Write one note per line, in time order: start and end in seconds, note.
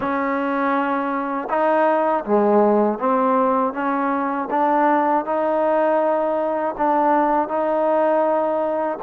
0.00 1.48 C#4
1.49 2.24 D#4
2.25 2.98 G#3
2.98 3.73 C4
3.73 4.48 C#4
4.50 5.25 D4
5.25 6.75 D#4
6.77 7.48 D4
7.48 8.98 D#4